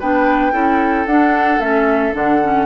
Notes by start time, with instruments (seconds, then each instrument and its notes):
0.00 bassoon B3, clarinet D4, oboe B4, flute G5
0.52 bassoon C#4, clarinet E4, oboe A4
1.06 bassoon D4, clarinet D4, flute F#5
1.59 bassoon A3, clarinet C#4, flute E5
2.13 bassoon D3, clarinet D4, flute F#5
2.43 clarinet C#4